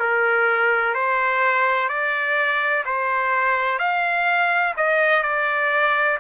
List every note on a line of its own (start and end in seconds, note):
0.00 0.94 A#4
0.94 1.89 C5
1.89 2.84 D5
2.86 3.79 C5
3.79 4.74 F5
4.77 5.23 D#5
5.23 6.18 D5